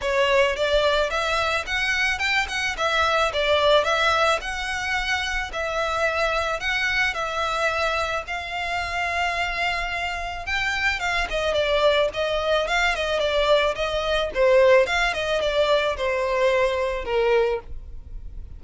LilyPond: \new Staff \with { instrumentName = "violin" } { \time 4/4 \tempo 4 = 109 cis''4 d''4 e''4 fis''4 | g''8 fis''8 e''4 d''4 e''4 | fis''2 e''2 | fis''4 e''2 f''4~ |
f''2. g''4 | f''8 dis''8 d''4 dis''4 f''8 dis''8 | d''4 dis''4 c''4 f''8 dis''8 | d''4 c''2 ais'4 | }